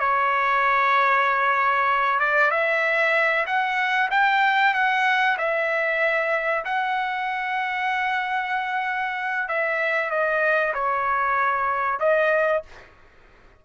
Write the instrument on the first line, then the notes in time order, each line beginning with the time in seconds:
trumpet
0.00 C#5
2.20 D5
2.51 E5
3.47 F#5
4.11 G5
4.74 F#5
5.39 E5
6.65 F#5
9.49 E5
10.11 D#5
10.74 C#5
12.00 D#5